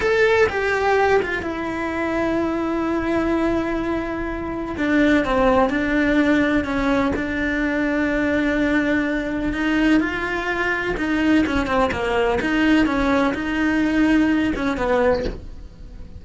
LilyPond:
\new Staff \with { instrumentName = "cello" } { \time 4/4 \tempo 4 = 126 a'4 g'4. f'8 e'4~ | e'1~ | e'2 d'4 c'4 | d'2 cis'4 d'4~ |
d'1 | dis'4 f'2 dis'4 | cis'8 c'8 ais4 dis'4 cis'4 | dis'2~ dis'8 cis'8 b4 | }